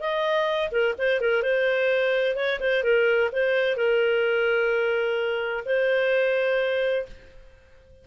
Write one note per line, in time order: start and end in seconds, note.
0.00 0.70 D#5
0.72 0.95 A#4
0.99 1.21 C5
1.21 1.43 A#4
1.43 2.36 C5
2.36 2.60 C#5
2.60 2.84 C5
2.84 3.30 A#4
3.33 3.77 C5
3.77 5.65 A#4
5.65 7.06 C5